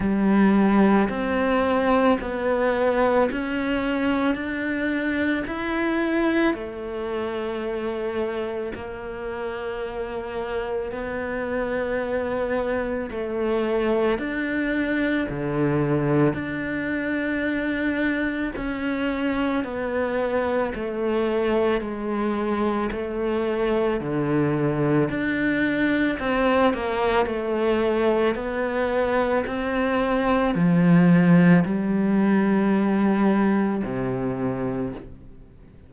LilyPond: \new Staff \with { instrumentName = "cello" } { \time 4/4 \tempo 4 = 55 g4 c'4 b4 cis'4 | d'4 e'4 a2 | ais2 b2 | a4 d'4 d4 d'4~ |
d'4 cis'4 b4 a4 | gis4 a4 d4 d'4 | c'8 ais8 a4 b4 c'4 | f4 g2 c4 | }